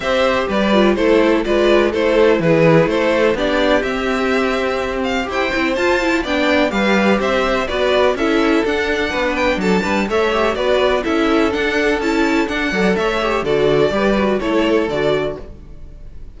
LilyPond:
<<
  \new Staff \with { instrumentName = "violin" } { \time 4/4 \tempo 4 = 125 e''4 d''4 c''4 d''4 | c''4 b'4 c''4 d''4 | e''2~ e''8 f''8 g''4 | a''4 g''4 f''4 e''4 |
d''4 e''4 fis''4. g''8 | a''4 e''4 d''4 e''4 | fis''4 a''4 fis''4 e''4 | d''2 cis''4 d''4 | }
  \new Staff \with { instrumentName = "violin" } { \time 4/4 c''4 b'4 a'4 b'4 | a'4 gis'4 a'4 g'4~ | g'2. c''4~ | c''4 d''4 b'4 c''4 |
b'4 a'2 b'4 | a'8 b'8 cis''4 b'4 a'4~ | a'2~ a'8 d''8 cis''4 | a'4 b'4 a'2 | }
  \new Staff \with { instrumentName = "viola" } { \time 4/4 g'4. f'8 e'4 f'4 | e'2. d'4 | c'2. g'8 e'8 | f'8 e'8 d'4 g'2 |
fis'4 e'4 d'2~ | d'4 a'8 g'8 fis'4 e'4 | d'4 e'4 d'8 a'4 g'8 | fis'4 g'8 fis'8 e'4 fis'4 | }
  \new Staff \with { instrumentName = "cello" } { \time 4/4 c'4 g4 a4 gis4 | a4 e4 a4 b4 | c'2. e'8 c'8 | f'4 b4 g4 c'4 |
b4 cis'4 d'4 b4 | fis8 g8 a4 b4 cis'4 | d'4 cis'4 d'8 fis8 a4 | d4 g4 a4 d4 | }
>>